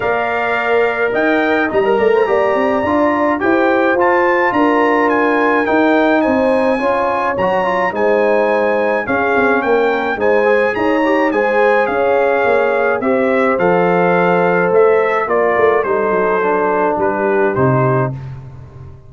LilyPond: <<
  \new Staff \with { instrumentName = "trumpet" } { \time 4/4 \tempo 4 = 106 f''2 g''4 ais''4~ | ais''2 g''4 a''4 | ais''4 gis''4 g''4 gis''4~ | gis''4 ais''4 gis''2 |
f''4 g''4 gis''4 ais''4 | gis''4 f''2 e''4 | f''2 e''4 d''4 | c''2 b'4 c''4 | }
  \new Staff \with { instrumentName = "horn" } { \time 4/4 d''2 dis''4. d''16 c''16 | d''2 c''2 | ais'2. c''4 | cis''2 c''2 |
gis'4 ais'4 c''4 cis''4 | c''4 cis''2 c''4~ | c''2. ais'4 | a'2 g'2 | }
  \new Staff \with { instrumentName = "trombone" } { \time 4/4 ais'2. dis'16 ais'8. | g'4 f'4 g'4 f'4~ | f'2 dis'2 | f'4 fis'8 f'8 dis'2 |
cis'2 dis'8 gis'4 g'8 | gis'2. g'4 | a'2. f'4 | dis'4 d'2 dis'4 | }
  \new Staff \with { instrumentName = "tuba" } { \time 4/4 ais2 dis'4 g8 a8 | ais8 c'8 d'4 e'4 f'4 | d'2 dis'4 c'4 | cis'4 fis4 gis2 |
cis'8 c'8 ais4 gis4 dis'4 | gis4 cis'4 ais4 c'4 | f2 a4 ais8 a8 | g8 fis4. g4 c4 | }
>>